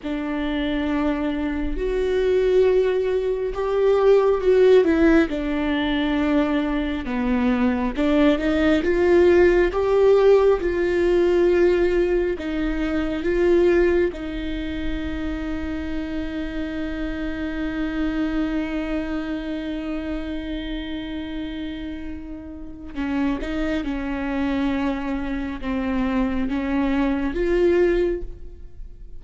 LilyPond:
\new Staff \with { instrumentName = "viola" } { \time 4/4 \tempo 4 = 68 d'2 fis'2 | g'4 fis'8 e'8 d'2 | b4 d'8 dis'8 f'4 g'4 | f'2 dis'4 f'4 |
dis'1~ | dis'1~ | dis'2 cis'8 dis'8 cis'4~ | cis'4 c'4 cis'4 f'4 | }